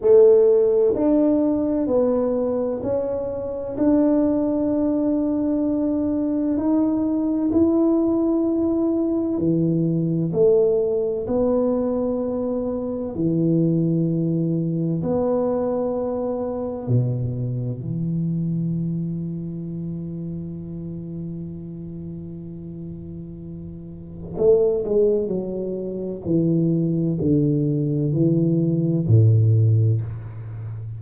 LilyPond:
\new Staff \with { instrumentName = "tuba" } { \time 4/4 \tempo 4 = 64 a4 d'4 b4 cis'4 | d'2. dis'4 | e'2 e4 a4 | b2 e2 |
b2 b,4 e4~ | e1~ | e2 a8 gis8 fis4 | e4 d4 e4 a,4 | }